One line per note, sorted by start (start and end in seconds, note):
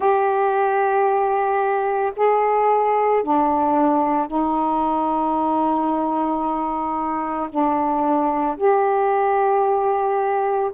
0.00 2.12 G4
2.16 3.23 G#4
3.23 4.27 D4
4.27 7.49 D#4
7.49 8.56 D4
8.57 10.71 G4